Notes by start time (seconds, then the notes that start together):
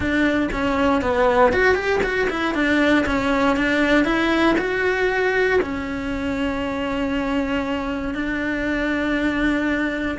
0.00 D4
0.52 C#4
1.01 B3
1.53 F#4
1.74 G4
2.03 F#4
2.29 E4
2.54 D4
3.06 C#4
3.56 D4
4.04 E4
4.58 F#4
5.61 C#4
8.14 D4